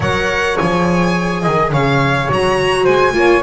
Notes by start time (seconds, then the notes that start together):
0.00 F#3 A#4 C#5 F#5
0.56 F3 G#4 G#5
1.41 D#3 D#5
1.72 C#3 C#5 F5
2.29 F#3 F#4 A#5
2.83 G#3 C5 G#5
3.12 A#3 F4 C#5